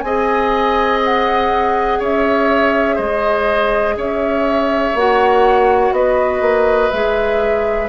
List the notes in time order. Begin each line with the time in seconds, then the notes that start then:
0.00 C4 G#4 D#5 G#5
1.04 F#5
1.99 C#4 C#5 E5
2.95 G#3 C5 D#5
3.97 C#4 C#5 E5
4.94 A#3 F#4 F#5
5.91 B3 B4 D#5
6.41 A#3
6.91 G#3 G#4 E5